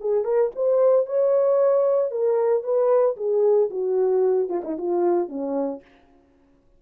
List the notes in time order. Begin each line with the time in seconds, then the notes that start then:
0.00 G#4
0.24 A#4
0.55 C5
1.06 C#5
2.11 A#4
2.63 B4
3.16 G#4
3.70 F#4
4.49 F4
4.64 D#4
4.77 F4
5.28 C#4